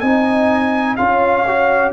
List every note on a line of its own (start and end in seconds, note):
0.00 0.97 C4
0.00 0.98 D#4
0.00 0.96 D#5
0.00 0.95 G#5
0.96 1.92 C#4
0.96 1.45 F4
0.96 1.92 C#5
0.96 1.91 F5
1.47 1.92 F#4